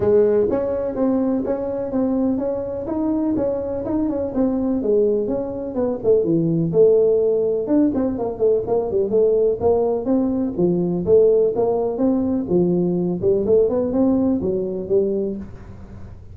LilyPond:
\new Staff \with { instrumentName = "tuba" } { \time 4/4 \tempo 4 = 125 gis4 cis'4 c'4 cis'4 | c'4 cis'4 dis'4 cis'4 | dis'8 cis'8 c'4 gis4 cis'4 | b8 a8 e4 a2 |
d'8 c'8 ais8 a8 ais8 g8 a4 | ais4 c'4 f4 a4 | ais4 c'4 f4. g8 | a8 b8 c'4 fis4 g4 | }